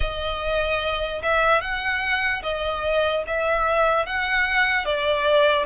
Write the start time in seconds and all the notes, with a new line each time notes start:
0.00 D#5
1.22 E5
1.61 F#5
2.42 D#5
3.27 E5
4.05 F#5
4.85 D5